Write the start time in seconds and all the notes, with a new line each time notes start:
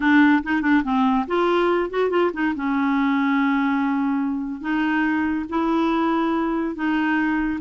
0.00 D4
0.43 D#4
0.61 D4
0.83 C4
1.27 F4
1.90 F#4
2.10 F4
2.33 D#4
2.55 C#4
4.61 D#4
5.49 E4
6.75 D#4